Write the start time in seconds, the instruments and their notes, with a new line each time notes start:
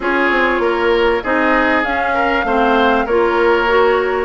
0.00 bassoon C#4, clarinet F4, oboe G#4, flute C#5
0.30 bassoon C4
0.59 bassoon A#3, oboe A#4
1.23 bassoon C4, clarinet D#4, oboe G#4, flute D#5
1.84 clarinet C#4, bassoon C#4, flute F5
2.14 oboe A#4
2.44 bassoon A3, clarinet C4, oboe C5
3.05 bassoon A#3, clarinet F4, oboe A#4, flute C#5
3.67 clarinet F#4